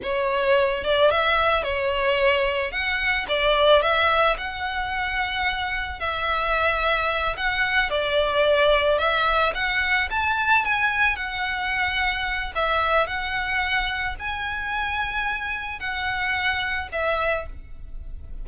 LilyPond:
\new Staff \with { instrumentName = "violin" } { \time 4/4 \tempo 4 = 110 cis''4. d''8 e''4 cis''4~ | cis''4 fis''4 d''4 e''4 | fis''2. e''4~ | e''4. fis''4 d''4.~ |
d''8 e''4 fis''4 a''4 gis''8~ | gis''8 fis''2~ fis''8 e''4 | fis''2 gis''2~ | gis''4 fis''2 e''4 | }